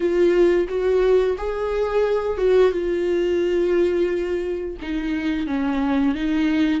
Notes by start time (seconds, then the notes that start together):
0.00 F4
0.68 F#4
1.37 G#4
2.37 F#4
2.71 F4
4.81 D#4
5.46 C#4
6.14 D#4